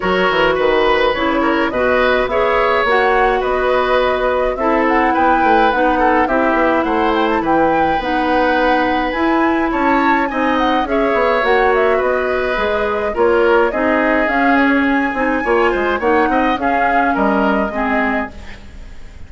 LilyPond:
<<
  \new Staff \with { instrumentName = "flute" } { \time 4/4 \tempo 4 = 105 cis''4 b'4 cis''4 dis''4 | e''4 fis''4 dis''2 | e''8 fis''8 g''4 fis''4 e''4 | fis''8 g''16 a''16 g''4 fis''2 |
gis''4 a''4 gis''8 fis''8 e''4 | fis''8 e''8 dis''2 cis''4 | dis''4 f''8 cis''8 gis''2 | fis''4 f''4 dis''2 | }
  \new Staff \with { instrumentName = "oboe" } { \time 4/4 ais'4 b'4. ais'8 b'4 | cis''2 b'2 | a'4 b'4. a'8 g'4 | c''4 b'2.~ |
b'4 cis''4 dis''4 cis''4~ | cis''4 b'2 ais'4 | gis'2. cis''8 c''8 | cis''8 dis''8 gis'4 ais'4 gis'4 | }
  \new Staff \with { instrumentName = "clarinet" } { \time 4/4 fis'2 e'4 fis'4 | gis'4 fis'2. | e'2 dis'4 e'4~ | e'2 dis'2 |
e'2 dis'4 gis'4 | fis'2 gis'4 f'4 | dis'4 cis'4. dis'8 f'4 | dis'4 cis'2 c'4 | }
  \new Staff \with { instrumentName = "bassoon" } { \time 4/4 fis8 e8 dis4 cis4 b,4 | b4 ais4 b2 | c'4 b8 a8 b4 c'8 b8 | a4 e4 b2 |
e'4 cis'4 c'4 cis'8 b8 | ais4 b4 gis4 ais4 | c'4 cis'4. c'8 ais8 gis8 | ais8 c'8 cis'4 g4 gis4 | }
>>